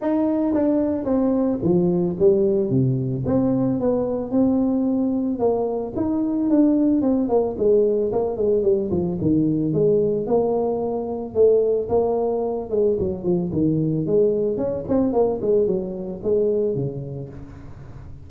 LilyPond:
\new Staff \with { instrumentName = "tuba" } { \time 4/4 \tempo 4 = 111 dis'4 d'4 c'4 f4 | g4 c4 c'4 b4 | c'2 ais4 dis'4 | d'4 c'8 ais8 gis4 ais8 gis8 |
g8 f8 dis4 gis4 ais4~ | ais4 a4 ais4. gis8 | fis8 f8 dis4 gis4 cis'8 c'8 | ais8 gis8 fis4 gis4 cis4 | }